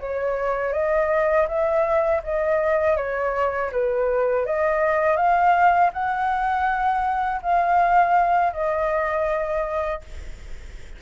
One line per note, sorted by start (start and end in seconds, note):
0.00 0.73 C#5
0.73 1.47 D#5
1.48 2.22 E5
2.24 2.97 D#5
2.97 3.71 C#5
3.72 4.46 B4
4.46 5.16 D#5
5.16 5.91 F5
5.93 7.41 F#5
7.42 8.54 F5
8.54 10.02 D#5